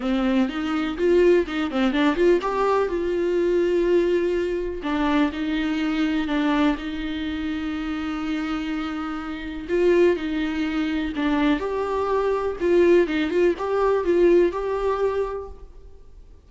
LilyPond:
\new Staff \with { instrumentName = "viola" } { \time 4/4 \tempo 4 = 124 c'4 dis'4 f'4 dis'8 c'8 | d'8 f'8 g'4 f'2~ | f'2 d'4 dis'4~ | dis'4 d'4 dis'2~ |
dis'1 | f'4 dis'2 d'4 | g'2 f'4 dis'8 f'8 | g'4 f'4 g'2 | }